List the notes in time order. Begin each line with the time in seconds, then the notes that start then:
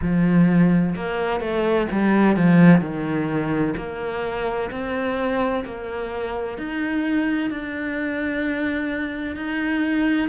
0.01 F3
0.95 A#3
1.40 A3
1.91 G3
2.36 F3
2.80 D#3
3.76 A#3
4.70 C4
5.64 A#3
6.58 D#4
7.50 D4
9.35 D#4